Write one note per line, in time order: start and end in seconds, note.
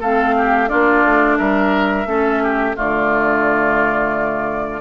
0.00 0.70 A3
0.00 0.68 C4
0.00 0.34 A4
0.00 0.69 F5
0.38 0.69 G4
0.68 1.04 A#3
0.68 2.06 D4
0.68 1.38 F4
0.68 1.38 D5
1.04 1.39 A3
1.38 2.06 G3
1.38 2.08 A#4
1.38 2.76 E5
2.06 2.75 A3
2.06 2.75 C#4
2.06 2.43 A4
2.43 2.76 G4
2.75 4.81 D3
2.75 4.81 A3
2.75 4.81 F4
2.75 4.81 D5